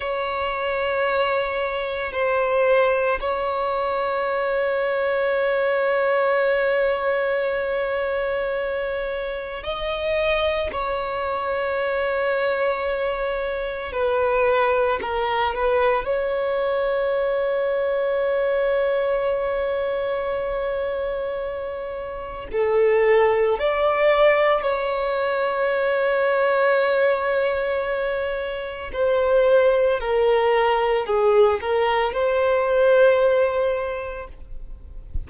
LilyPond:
\new Staff \with { instrumentName = "violin" } { \time 4/4 \tempo 4 = 56 cis''2 c''4 cis''4~ | cis''1~ | cis''4 dis''4 cis''2~ | cis''4 b'4 ais'8 b'8 cis''4~ |
cis''1~ | cis''4 a'4 d''4 cis''4~ | cis''2. c''4 | ais'4 gis'8 ais'8 c''2 | }